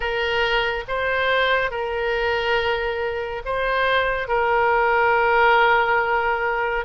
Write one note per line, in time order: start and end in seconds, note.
0.00 0.84 A#4
0.88 1.71 C5
1.71 3.42 A#4
3.45 4.27 C5
4.27 6.85 A#4